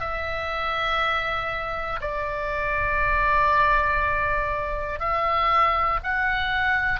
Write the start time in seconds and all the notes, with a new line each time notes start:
0.00 E5
2.01 D5
5.00 E5
6.03 F#5